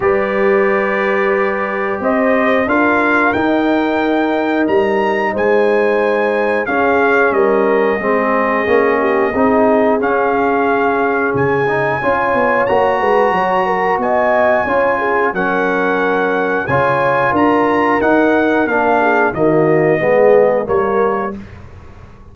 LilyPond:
<<
  \new Staff \with { instrumentName = "trumpet" } { \time 4/4 \tempo 4 = 90 d''2. dis''4 | f''4 g''2 ais''4 | gis''2 f''4 dis''4~ | dis''2. f''4~ |
f''4 gis''2 ais''4~ | ais''4 gis''2 fis''4~ | fis''4 gis''4 ais''4 fis''4 | f''4 dis''2 cis''4 | }
  \new Staff \with { instrumentName = "horn" } { \time 4/4 b'2. c''4 | ais'1 | c''2 gis'4 ais'4 | gis'4. g'8 gis'2~ |
gis'2 cis''4. b'8 | cis''8 ais'8 dis''4 cis''8 gis'8 ais'4~ | ais'4 cis''4 ais'2~ | ais'8 gis'8 fis'4 gis'4 ais'4 | }
  \new Staff \with { instrumentName = "trombone" } { \time 4/4 g'1 | f'4 dis'2.~ | dis'2 cis'2 | c'4 cis'4 dis'4 cis'4~ |
cis'4. dis'8 f'4 fis'4~ | fis'2 f'4 cis'4~ | cis'4 f'2 dis'4 | d'4 ais4 b4 ais4 | }
  \new Staff \with { instrumentName = "tuba" } { \time 4/4 g2. c'4 | d'4 dis'2 g4 | gis2 cis'4 g4 | gis4 ais4 c'4 cis'4~ |
cis'4 cis4 cis'8 b8 ais8 gis8 | fis4 b4 cis'4 fis4~ | fis4 cis4 d'4 dis'4 | ais4 dis4 gis4 g4 | }
>>